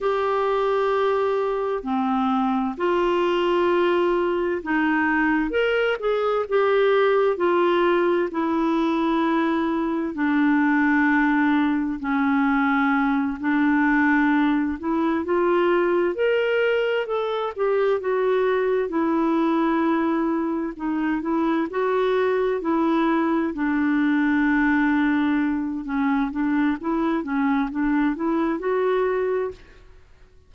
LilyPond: \new Staff \with { instrumentName = "clarinet" } { \time 4/4 \tempo 4 = 65 g'2 c'4 f'4~ | f'4 dis'4 ais'8 gis'8 g'4 | f'4 e'2 d'4~ | d'4 cis'4. d'4. |
e'8 f'4 ais'4 a'8 g'8 fis'8~ | fis'8 e'2 dis'8 e'8 fis'8~ | fis'8 e'4 d'2~ d'8 | cis'8 d'8 e'8 cis'8 d'8 e'8 fis'4 | }